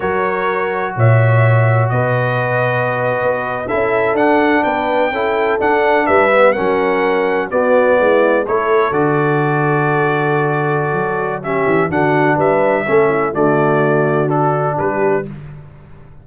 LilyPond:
<<
  \new Staff \with { instrumentName = "trumpet" } { \time 4/4 \tempo 4 = 126 cis''2 e''2 | dis''2.~ dis''8. e''16~ | e''8. fis''4 g''2 fis''16~ | fis''8. e''4 fis''2 d''16~ |
d''4.~ d''16 cis''4 d''4~ d''16~ | d''1 | e''4 fis''4 e''2 | d''2 a'4 b'4 | }
  \new Staff \with { instrumentName = "horn" } { \time 4/4 ais'2 cis''2 | b'2.~ b'8. a'16~ | a'4.~ a'16 b'4 a'4~ a'16~ | a'8. b'4 ais'2 fis'16~ |
fis'8. e'4 a'2~ a'16~ | a'1 | g'4 fis'4 b'4 a'8 e'8 | fis'2. g'4 | }
  \new Staff \with { instrumentName = "trombone" } { \time 4/4 fis'1~ | fis'2.~ fis'8. e'16~ | e'8. d'2 e'4 d'16~ | d'4~ d'16 b8 cis'2 b16~ |
b4.~ b16 e'4 fis'4~ fis'16~ | fis'1 | cis'4 d'2 cis'4 | a2 d'2 | }
  \new Staff \with { instrumentName = "tuba" } { \time 4/4 fis2 ais,2 | b,2~ b,8. b4 cis'16~ | cis'8. d'4 b4 cis'4 d'16~ | d'8. g4 fis2 b16~ |
b8. gis4 a4 d4~ d16~ | d2. fis4~ | fis8 e8 d4 g4 a4 | d2. g4 | }
>>